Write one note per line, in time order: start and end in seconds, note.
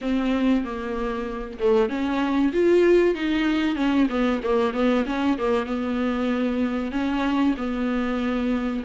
0.01 0.64 C4
0.64 1.58 A#3
1.59 1.89 A3
1.89 2.52 C#4
2.53 3.14 F4
3.14 3.76 D#4
3.76 4.07 C#4
4.09 4.41 B3
4.43 4.73 A#3
4.73 5.05 B3
5.06 5.37 C#4
5.38 5.66 A#3
5.66 6.91 B3
6.91 7.54 C#4
7.57 8.83 B3